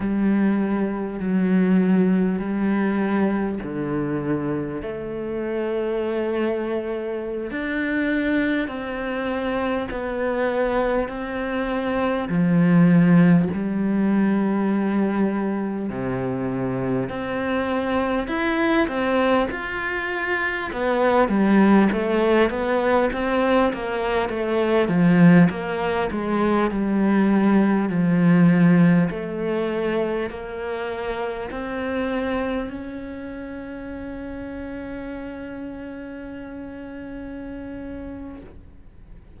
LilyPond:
\new Staff \with { instrumentName = "cello" } { \time 4/4 \tempo 4 = 50 g4 fis4 g4 d4 | a2~ a16 d'4 c'8.~ | c'16 b4 c'4 f4 g8.~ | g4~ g16 c4 c'4 e'8 c'16~ |
c'16 f'4 b8 g8 a8 b8 c'8 ais16~ | ais16 a8 f8 ais8 gis8 g4 f8.~ | f16 a4 ais4 c'4 cis'8.~ | cis'1 | }